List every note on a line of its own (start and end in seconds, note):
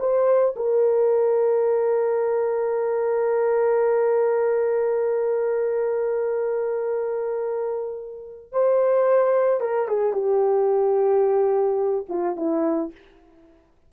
0.00 0.55 C5
0.56 8.52 A#4
8.52 9.61 C5
9.61 9.88 A#4
9.88 10.13 G#4
10.13 12.06 G4
12.09 12.37 F4
12.37 12.92 E4